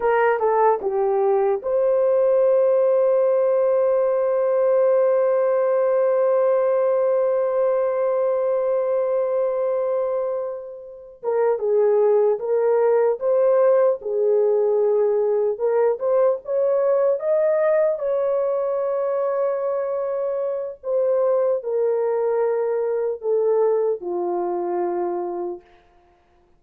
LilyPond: \new Staff \with { instrumentName = "horn" } { \time 4/4 \tempo 4 = 75 ais'8 a'8 g'4 c''2~ | c''1~ | c''1~ | c''2 ais'8 gis'4 ais'8~ |
ais'8 c''4 gis'2 ais'8 | c''8 cis''4 dis''4 cis''4.~ | cis''2 c''4 ais'4~ | ais'4 a'4 f'2 | }